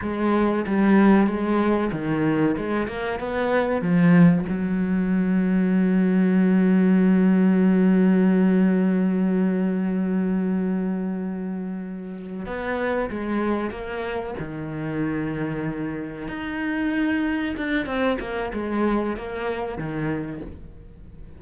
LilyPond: \new Staff \with { instrumentName = "cello" } { \time 4/4 \tempo 4 = 94 gis4 g4 gis4 dis4 | gis8 ais8 b4 f4 fis4~ | fis1~ | fis1~ |
fis2.~ fis8 b8~ | b8 gis4 ais4 dis4.~ | dis4. dis'2 d'8 | c'8 ais8 gis4 ais4 dis4 | }